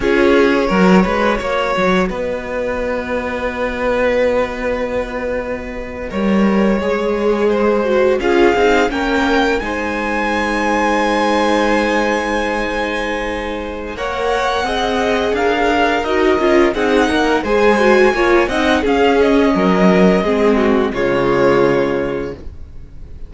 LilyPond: <<
  \new Staff \with { instrumentName = "violin" } { \time 4/4 \tempo 4 = 86 cis''2. dis''4~ | dis''1~ | dis''2.~ dis''8. f''16~ | f''8. g''4 gis''2~ gis''16~ |
gis''1 | fis''2 f''4 dis''4 | fis''4 gis''4. fis''8 f''8 dis''8~ | dis''2 cis''2 | }
  \new Staff \with { instrumentName = "violin" } { \time 4/4 gis'4 ais'8 b'8 cis''4 b'4~ | b'1~ | b'8. cis''2 c''4 gis'16~ | gis'8. ais'4 c''2~ c''16~ |
c''1 | cis''4 dis''4 ais'2 | gis'8 ais'8 c''4 cis''8 dis''8 gis'4 | ais'4 gis'8 fis'8 f'2 | }
  \new Staff \with { instrumentName = "viola" } { \time 4/4 f'4 fis'2.~ | fis'1~ | fis'8. ais'4 gis'4. fis'8 f'16~ | f'16 dis'8 cis'4 dis'2~ dis'16~ |
dis'1 | ais'4 gis'2 fis'8 f'8 | dis'4 gis'8 fis'8 f'8 dis'8 cis'4~ | cis'4 c'4 gis2 | }
  \new Staff \with { instrumentName = "cello" } { \time 4/4 cis'4 fis8 gis8 ais8 fis8 b4~ | b1~ | b8. g4 gis2 cis'16~ | cis'16 c'8 ais4 gis2~ gis16~ |
gis1 | ais4 c'4 d'4 dis'8 cis'8 | c'8 ais8 gis4 ais8 c'8 cis'4 | fis4 gis4 cis2 | }
>>